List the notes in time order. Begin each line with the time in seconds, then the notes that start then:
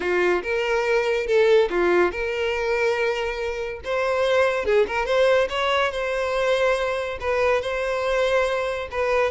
0.00 F4
0.42 A#4
1.26 A4
1.69 F4
2.11 A#4
3.84 C5
4.65 G#4
4.87 A#4
5.05 C5
5.49 C#5
5.91 C5
7.20 B4
7.61 C5
8.91 B4